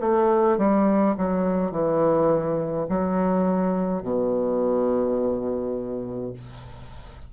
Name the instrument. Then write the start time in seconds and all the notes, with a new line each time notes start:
bassoon
0.00 A3
0.58 G3
1.17 F#3
1.71 E3
2.88 F#3
4.02 B2